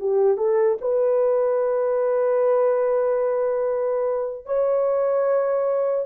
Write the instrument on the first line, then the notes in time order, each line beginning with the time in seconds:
horn
0.00 G4
0.38 A4
0.81 B4
4.46 C#5